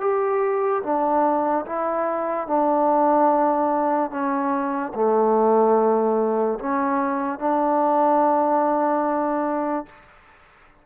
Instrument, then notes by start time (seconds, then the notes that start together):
trombone
0.00 G4
0.83 D4
1.66 E4
2.47 D4
4.10 C#4
4.94 A3
6.59 C#4
7.39 D4